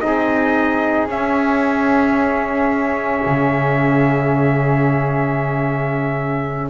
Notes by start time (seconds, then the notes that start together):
0.00 C4 D#4 G#4 D#5
1.07 C#4 E5
3.26 C#3